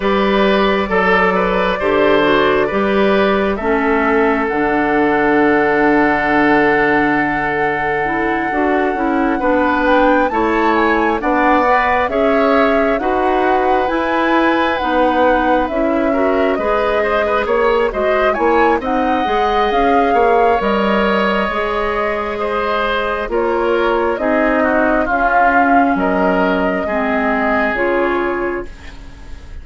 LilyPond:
<<
  \new Staff \with { instrumentName = "flute" } { \time 4/4 \tempo 4 = 67 d''1 | e''4 fis''2.~ | fis''2. g''8 a''8 | gis''8 fis''4 e''4 fis''4 gis''8~ |
gis''8 fis''4 e''4 dis''4 cis''8 | dis''8 gis''8 fis''4 f''4 dis''4~ | dis''2 cis''4 dis''4 | f''4 dis''2 cis''4 | }
  \new Staff \with { instrumentName = "oboe" } { \time 4/4 b'4 a'8 b'8 c''4 b'4 | a'1~ | a'2~ a'8 b'4 cis''8~ | cis''8 d''4 cis''4 b'4.~ |
b'2 ais'8 b'8 c''16 b'16 cis''8 | c''8 cis''8 dis''4. cis''4.~ | cis''4 c''4 ais'4 gis'8 fis'8 | f'4 ais'4 gis'2 | }
  \new Staff \with { instrumentName = "clarinet" } { \time 4/4 g'4 a'4 g'8 fis'8 g'4 | cis'4 d'2.~ | d'4 e'8 fis'8 e'8 d'4 e'8~ | e'8 d'8 b'8 gis'4 fis'4 e'8~ |
e'8 dis'4 e'8 fis'8 gis'4. | fis'8 e'8 dis'8 gis'4. ais'4 | gis'2 f'4 dis'4 | cis'2 c'4 f'4 | }
  \new Staff \with { instrumentName = "bassoon" } { \time 4/4 g4 fis4 d4 g4 | a4 d2.~ | d4. d'8 cis'8 b4 a8~ | a8 b4 cis'4 dis'4 e'8~ |
e'8 b4 cis'4 gis4 ais8 | gis8 ais8 c'8 gis8 cis'8 ais8 g4 | gis2 ais4 c'4 | cis'4 fis4 gis4 cis4 | }
>>